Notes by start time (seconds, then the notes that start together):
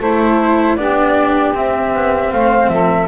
0.00 A3 E4 A4 C5
0.76 B3 D4 G4 D5
1.54 C4 E5
1.93 B3
2.33 A3 C5 F5
2.68 F3 A4 E5